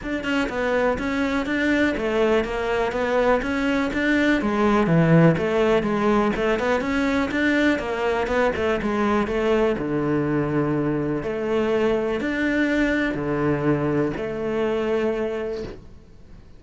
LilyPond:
\new Staff \with { instrumentName = "cello" } { \time 4/4 \tempo 4 = 123 d'8 cis'8 b4 cis'4 d'4 | a4 ais4 b4 cis'4 | d'4 gis4 e4 a4 | gis4 a8 b8 cis'4 d'4 |
ais4 b8 a8 gis4 a4 | d2. a4~ | a4 d'2 d4~ | d4 a2. | }